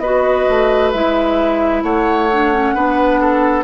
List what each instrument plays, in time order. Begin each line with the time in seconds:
0.00 bassoon B3, clarinet F#4, oboe B4, flute D#5
0.50 bassoon A3
0.92 bassoon G#3, clarinet E4, flute E5
1.83 bassoon A3, oboe C#5, flute F#5
2.32 clarinet D4
2.53 clarinet C#4
2.75 bassoon B3, clarinet D4, oboe B4
3.21 oboe A4